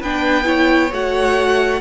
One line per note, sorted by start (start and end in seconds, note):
0.00 0.91 B3
0.00 0.44 D4
0.00 0.45 B4
0.00 0.92 G5
0.44 0.89 E4
0.44 1.81 C#5
0.92 1.81 A3
0.92 1.81 F#4
0.92 1.81 F#5